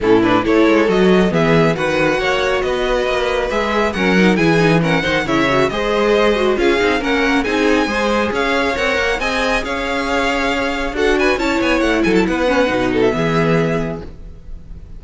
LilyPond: <<
  \new Staff \with { instrumentName = "violin" } { \time 4/4 \tempo 4 = 137 a'8 b'8 cis''4 dis''4 e''4 | fis''2 dis''2 | e''4 fis''4 gis''4 fis''4 | e''4 dis''2 f''4 |
fis''4 gis''2 f''4 | fis''4 gis''4 f''2~ | f''4 fis''8 gis''8 a''8 gis''8 fis''8 gis''16 a''16 | fis''4.~ fis''16 e''2~ e''16 | }
  \new Staff \with { instrumentName = "violin" } { \time 4/4 e'4 a'2 gis'4 | b'4 cis''4 b'2~ | b'4 ais'4 gis'4 ais'8 c''8 | cis''4 c''2 gis'4 |
ais'4 gis'4 c''4 cis''4~ | cis''4 dis''4 cis''2~ | cis''4 a'8 b'8 cis''4. a'8 | b'4. a'8 gis'2 | }
  \new Staff \with { instrumentName = "viola" } { \time 4/4 cis'8 d'8 e'4 fis'4 b4 | fis'1 | gis'4 cis'8 dis'8 e'8 dis'8 cis'8 dis'8 | e'8 fis'8 gis'4. fis'8 f'8 dis'8 |
cis'4 dis'4 gis'2 | ais'4 gis'2.~ | gis'4 fis'4 e'2~ | e'8 cis'8 dis'4 b2 | }
  \new Staff \with { instrumentName = "cello" } { \time 4/4 a,4 a8 gis8 fis4 e4 | dis4 ais4 b4 ais4 | gis4 fis4 e4. dis8 | cis4 gis2 cis'8 c'8 |
ais4 c'4 gis4 cis'4 | c'8 ais8 c'4 cis'2~ | cis'4 d'4 cis'8 b8 a8 fis8 | b4 b,4 e2 | }
>>